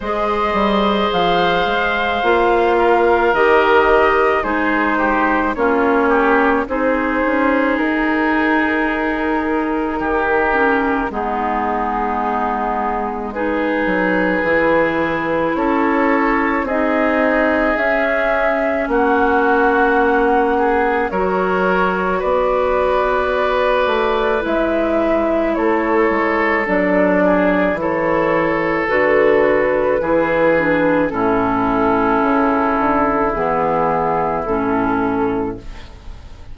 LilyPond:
<<
  \new Staff \with { instrumentName = "flute" } { \time 4/4 \tempo 4 = 54 dis''4 f''2 dis''4 | c''4 cis''4 c''4 ais'4~ | ais'2 gis'2 | b'2 cis''4 dis''4 |
e''4 fis''2 cis''4 | d''2 e''4 cis''4 | d''4 cis''4 b'2 | a'2 gis'4 a'4 | }
  \new Staff \with { instrumentName = "oboe" } { \time 4/4 c''2~ c''8 ais'4. | gis'8 g'8 f'8 g'8 gis'2~ | gis'4 g'4 dis'2 | gis'2 a'4 gis'4~ |
gis'4 fis'4. gis'8 ais'4 | b'2. a'4~ | a'8 gis'8 a'2 gis'4 | e'1 | }
  \new Staff \with { instrumentName = "clarinet" } { \time 4/4 gis'2 f'4 g'4 | dis'4 cis'4 dis'2~ | dis'4. cis'8 b2 | dis'4 e'2 dis'4 |
cis'2. fis'4~ | fis'2 e'2 | d'4 e'4 fis'4 e'8 d'8 | cis'2 b4 cis'4 | }
  \new Staff \with { instrumentName = "bassoon" } { \time 4/4 gis8 g8 f8 gis8 ais4 dis4 | gis4 ais4 c'8 cis'8 dis'4~ | dis'4 dis4 gis2~ | gis8 fis8 e4 cis'4 c'4 |
cis'4 ais2 fis4 | b4. a8 gis4 a8 gis8 | fis4 e4 d4 e4 | a,4 cis8 d8 e4 a,4 | }
>>